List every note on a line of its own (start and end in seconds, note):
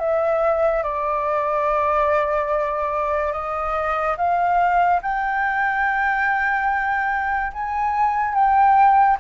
0.00 0.83 E5
0.83 3.33 D5
3.33 4.16 D#5
4.18 5.01 F5
5.03 7.53 G5
7.53 8.34 G#5
8.34 9.18 G5